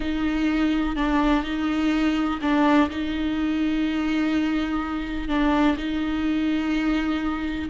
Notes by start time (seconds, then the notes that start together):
0.00 D#4
0.96 D4
1.43 D#4
2.41 D4
2.90 D#4
5.28 D4
5.77 D#4